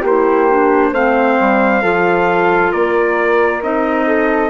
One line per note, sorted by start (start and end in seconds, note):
0.00 0.91 A#3
0.00 0.90 G4
0.06 0.50 E4
0.06 0.94 C5
0.50 0.93 D4
0.91 1.36 A3
0.91 1.82 C4
0.91 1.82 C5
0.91 2.72 F5
1.40 1.83 G3
1.82 2.72 F3
1.82 3.61 F4
1.82 2.71 A4
2.71 3.62 A#3
2.71 4.05 A#4
2.71 3.61 D5
3.62 4.49 C4
3.62 4.49 D#4
3.62 4.49 D#5
4.06 4.49 A4